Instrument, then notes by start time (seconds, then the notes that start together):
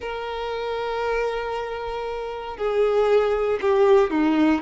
violin
0.00 A#4
2.57 G#4
3.61 G4
4.10 D#4